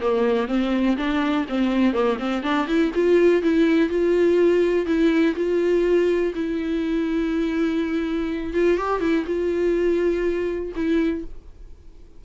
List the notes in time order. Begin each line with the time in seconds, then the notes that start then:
0.00 A#3
0.47 C4
0.96 D4
1.49 C4
1.93 A#3
2.19 C4
2.43 D4
2.67 E4
2.94 F4
3.42 E4
3.89 F4
4.86 E4
5.35 F4
6.35 E4
8.53 F4
8.77 G4
9.00 E4
9.26 F4
10.75 E4